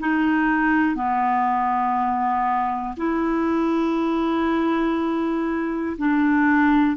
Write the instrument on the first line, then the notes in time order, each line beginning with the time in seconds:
clarinet
0.00 D#4
0.95 B3
2.97 E4
5.97 D4